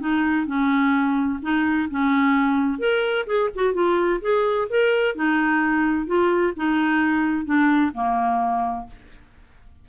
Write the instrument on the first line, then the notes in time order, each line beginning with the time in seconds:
clarinet
0.00 D#4
0.47 C#4
1.42 D#4
1.90 C#4
2.79 A#4
3.27 G#4
3.55 F#4
3.74 F4
4.22 G#4
4.70 A#4
5.15 D#4
6.07 F4
6.56 D#4
7.45 D4
7.94 A#3